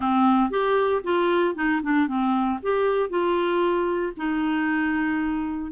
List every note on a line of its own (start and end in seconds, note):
0.00 0.50 C4
0.50 1.02 G4
1.03 1.55 F4
1.55 1.81 D#4
1.82 2.07 D4
2.07 2.59 C4
2.62 3.09 G4
3.09 4.12 F4
4.16 5.71 D#4